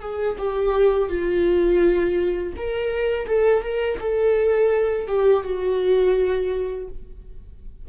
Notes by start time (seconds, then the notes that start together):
0.00 G#4
0.38 G4
1.08 F4
2.56 A#4
3.27 A4
3.62 A#4
4.00 A4
5.07 G4
5.43 F#4